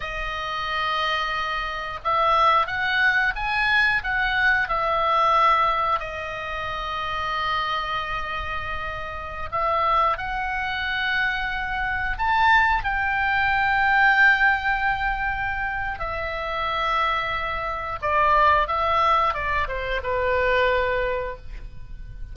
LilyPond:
\new Staff \with { instrumentName = "oboe" } { \time 4/4 \tempo 4 = 90 dis''2. e''4 | fis''4 gis''4 fis''4 e''4~ | e''4 dis''2.~ | dis''2~ dis''16 e''4 fis''8.~ |
fis''2~ fis''16 a''4 g''8.~ | g''1 | e''2. d''4 | e''4 d''8 c''8 b'2 | }